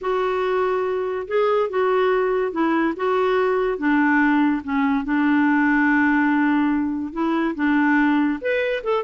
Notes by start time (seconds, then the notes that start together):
0.01 F#4
1.27 G#4
1.69 F#4
2.52 E4
2.96 F#4
3.78 D4
4.63 C#4
5.04 D4
7.13 E4
7.55 D4
8.41 B4
8.83 A4